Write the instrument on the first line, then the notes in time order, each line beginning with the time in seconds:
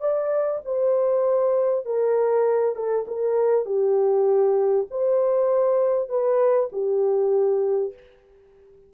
horn
0.00 D5
0.65 C5
1.85 A#4
2.75 A4
3.07 A#4
3.65 G4
4.91 C5
6.09 B4
6.72 G4